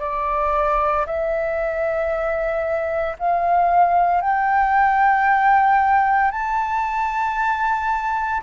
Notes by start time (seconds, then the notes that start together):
0.00 D5
1.06 E5
3.19 F5
4.21 G5
6.31 A5